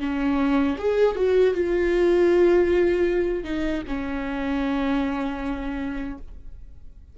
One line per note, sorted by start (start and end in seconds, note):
0.00 0.77 C#4
0.79 1.16 G#4
1.16 1.54 F#4
1.54 3.44 F4
3.44 3.83 D#4
3.87 6.18 C#4